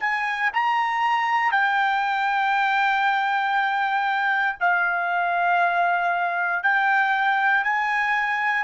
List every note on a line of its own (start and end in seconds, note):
0.00 0.51 G#5
0.53 1.52 A#5
1.52 4.57 G5
4.60 6.63 F5
6.63 7.64 G5
7.64 8.64 G#5